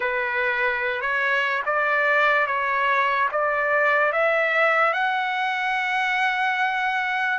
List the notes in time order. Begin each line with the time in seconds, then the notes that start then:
0.00 B4
1.01 C#5
1.65 D5
2.46 C#5
3.31 D5
4.12 E5
4.93 F#5